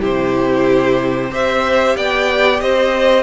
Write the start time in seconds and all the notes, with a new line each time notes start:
0.00 C3 E4 G4 C5
1.30 C4 G4 C5 E5
1.96 B3 D5 G5
2.60 C4 C5 D#5